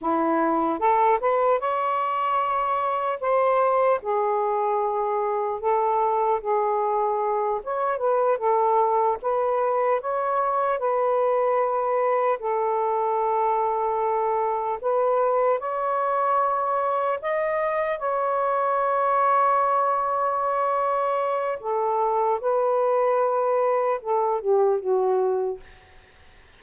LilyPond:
\new Staff \with { instrumentName = "saxophone" } { \time 4/4 \tempo 4 = 75 e'4 a'8 b'8 cis''2 | c''4 gis'2 a'4 | gis'4. cis''8 b'8 a'4 b'8~ | b'8 cis''4 b'2 a'8~ |
a'2~ a'8 b'4 cis''8~ | cis''4. dis''4 cis''4.~ | cis''2. a'4 | b'2 a'8 g'8 fis'4 | }